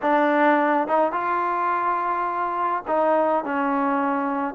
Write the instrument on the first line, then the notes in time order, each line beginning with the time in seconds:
trombone
0.02 D4
0.87 D#4
1.12 F4
2.87 D#4
3.44 C#4